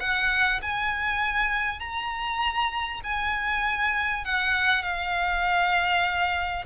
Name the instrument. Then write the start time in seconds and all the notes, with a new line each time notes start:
violin
0.00 F#5
0.62 G#5
1.80 A#5
3.04 G#5
4.25 F#5
4.83 F5